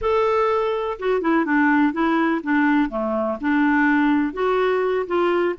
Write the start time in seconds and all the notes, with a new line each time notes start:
0.01 A4
0.99 F#4
1.21 E4
1.45 D4
1.92 E4
2.43 D4
2.89 A3
3.40 D4
4.33 F#4
5.06 F4